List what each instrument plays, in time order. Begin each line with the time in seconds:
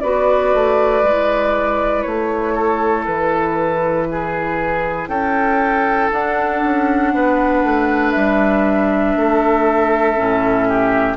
0.00 bassoon B3, clarinet F#4, oboe B4, flute D5
0.54 bassoon A3
1.03 bassoon G#3, clarinet E4
2.03 bassoon A3, flute C#5
2.54 oboe A4
3.06 bassoon E3, flute B4
4.11 oboe G#4
5.08 bassoon C#4, oboe A4, flute G5
6.12 clarinet D4, bassoon D4, flute F#5
6.64 bassoon C#4
7.14 bassoon B3, oboe B4
7.64 bassoon A3
8.11 bassoon G3, flute E5
9.16 bassoon A3, oboe A4
10.16 bassoon A2, clarinet C#4
10.68 oboe G4